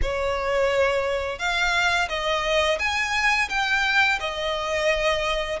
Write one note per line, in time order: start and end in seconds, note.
0.02 1.38 C#5
1.38 2.08 F5
2.08 2.78 D#5
2.79 3.49 G#5
3.49 4.19 G5
4.20 5.59 D#5